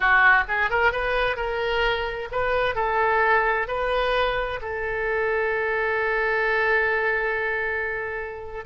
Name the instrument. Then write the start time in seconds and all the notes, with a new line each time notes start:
oboe
0.00 F#4
0.48 G#4
0.70 A#4
0.91 B4
1.36 A#4
2.31 B4
2.75 A4
3.67 B4
4.61 A4